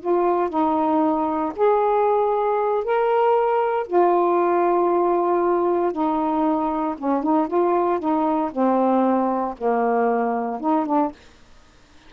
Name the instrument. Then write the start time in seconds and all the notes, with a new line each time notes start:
saxophone
0.00 F4
0.49 D#4
1.56 G#4
2.84 A#4
3.87 F4
5.92 D#4
6.98 C#4
7.23 D#4
7.47 F4
7.99 D#4
8.52 C4
9.58 A#3
10.60 D#4
10.86 D4